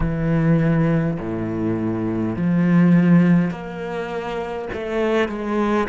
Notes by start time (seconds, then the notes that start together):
0.00 E3
1.19 A2
2.35 F3
3.50 A#3
4.73 A3
5.28 G#3